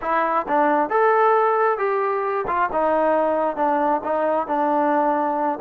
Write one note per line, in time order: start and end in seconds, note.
0.01 0.46 E4
0.48 0.89 D4
0.89 1.78 A4
1.78 2.45 G4
2.47 2.69 F4
2.72 3.56 D#4
3.56 4.01 D4
4.04 4.47 D#4
4.47 5.59 D4